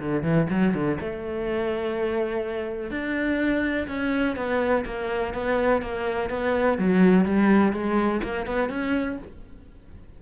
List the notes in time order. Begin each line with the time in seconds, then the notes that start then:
0.00 D3
0.24 E3
0.50 F#3
0.75 D3
1.01 A3
2.91 D4
3.88 C#4
4.37 B3
4.86 A#3
5.34 B3
5.82 A#3
6.30 B3
6.79 F#3
7.25 G3
7.73 G#3
8.24 A#3
8.47 B3
8.70 C#4